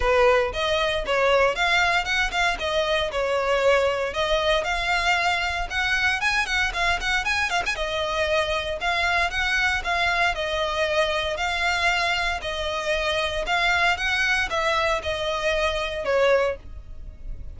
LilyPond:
\new Staff \with { instrumentName = "violin" } { \time 4/4 \tempo 4 = 116 b'4 dis''4 cis''4 f''4 | fis''8 f''8 dis''4 cis''2 | dis''4 f''2 fis''4 | gis''8 fis''8 f''8 fis''8 gis''8 f''16 gis''16 dis''4~ |
dis''4 f''4 fis''4 f''4 | dis''2 f''2 | dis''2 f''4 fis''4 | e''4 dis''2 cis''4 | }